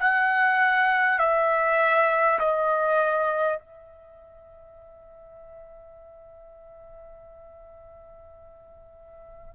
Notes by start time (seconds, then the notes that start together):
0.00 F#5
1.19 E5
2.39 D#5
3.59 E5